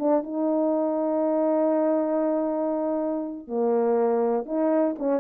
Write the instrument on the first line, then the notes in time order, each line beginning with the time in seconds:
horn
0.00 D4
0.24 D#4
3.48 A#3
4.46 D#4
4.99 C#4